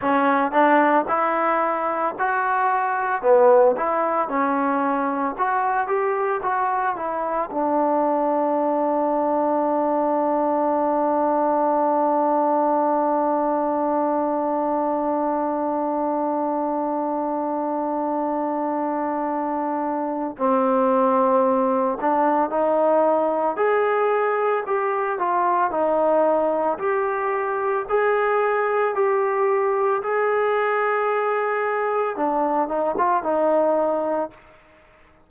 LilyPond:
\new Staff \with { instrumentName = "trombone" } { \time 4/4 \tempo 4 = 56 cis'8 d'8 e'4 fis'4 b8 e'8 | cis'4 fis'8 g'8 fis'8 e'8 d'4~ | d'1~ | d'1~ |
d'2. c'4~ | c'8 d'8 dis'4 gis'4 g'8 f'8 | dis'4 g'4 gis'4 g'4 | gis'2 d'8 dis'16 f'16 dis'4 | }